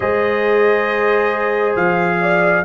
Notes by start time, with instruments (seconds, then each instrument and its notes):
0.00 tuba G#3, trombone G#4, horn C5, trumpet D#5
1.76 tuba F3, trumpet F5
2.20 horn D5